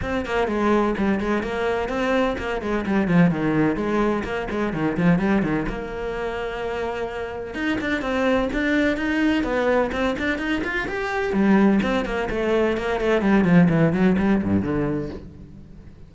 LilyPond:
\new Staff \with { instrumentName = "cello" } { \time 4/4 \tempo 4 = 127 c'8 ais8 gis4 g8 gis8 ais4 | c'4 ais8 gis8 g8 f8 dis4 | gis4 ais8 gis8 dis8 f8 g8 dis8 | ais1 |
dis'8 d'8 c'4 d'4 dis'4 | b4 c'8 d'8 dis'8 f'8 g'4 | g4 c'8 ais8 a4 ais8 a8 | g8 f8 e8 fis8 g8 g,8 d4 | }